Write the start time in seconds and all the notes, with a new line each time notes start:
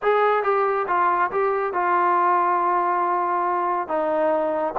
0.02 G#4
0.43 G4
0.87 F4
1.31 G4
1.73 F4
3.87 D#4